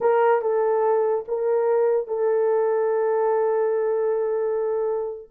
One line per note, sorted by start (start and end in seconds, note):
0.00 0.41 A#4
0.41 1.24 A4
1.27 2.07 A#4
2.07 5.30 A4